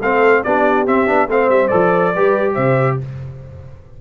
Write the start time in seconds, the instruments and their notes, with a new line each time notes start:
0.00 tuba A3, trombone C4, horn A4, trumpet F5
0.43 tuba B3, trombone D4, horn G4, trumpet D5
0.87 trombone C4, tuba C4, trumpet E5
1.07 tuba B3, trombone D4
1.28 tuba A3, trombone C4, horn C5, trumpet F5
1.49 tuba G3, trumpet E5
1.68 tuba F3, trombone A4, trumpet D5
2.14 tuba G3, trombone G4, horn B4
2.54 tuba C3, horn C5, trumpet E5